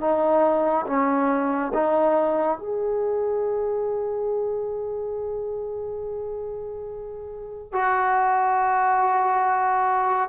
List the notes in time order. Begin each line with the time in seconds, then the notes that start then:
0.00 D#4
0.86 C#4
1.74 D#4
2.58 G#4
7.73 F#4